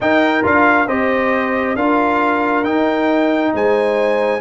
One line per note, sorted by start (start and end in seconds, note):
0.00 0.44 D#4
0.00 0.42 D#4
0.00 0.87 A#4
0.00 0.45 G5
0.42 0.87 D4
0.42 0.86 F4
0.42 0.87 F5
0.87 1.75 C4
0.87 1.77 G4
0.87 1.75 C5
0.87 1.76 D#5
1.75 2.64 D4
1.75 2.64 F4
1.75 3.52 A#4
1.75 2.64 F5
2.64 3.52 D#4
2.64 4.40 D#4
2.64 3.52 G5
3.53 4.40 G#3
3.53 4.40 C5
3.53 4.40 G#5